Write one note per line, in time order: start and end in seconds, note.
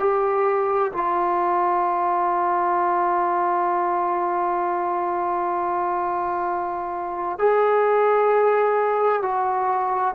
0.00 0.92 G4
0.93 7.39 F4
7.39 9.23 G#4
9.23 10.15 F#4